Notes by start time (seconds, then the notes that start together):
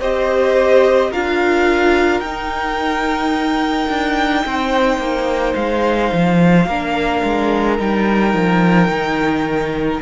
0.00 C4 G4 C5 D#5
1.10 D4 F4 A#4 F5
2.20 D#4 G5
3.88 D4
4.45 C4 C5
4.98 A#3
5.55 G#3 F5
6.12 F3
6.66 A#3 D4 A#4
7.23 G#3
7.78 G3 D#4 G5
8.34 F3
8.88 D#3